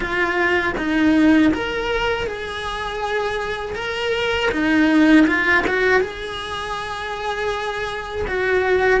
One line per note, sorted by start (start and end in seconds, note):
0.00 0.73 F4
0.77 1.52 D#4
1.53 2.26 A#4
2.26 3.75 G#4
3.75 4.50 A#4
4.51 5.26 D#4
5.26 5.64 F4
5.67 6.00 F#4
6.00 8.25 G#4
8.27 9.00 F#4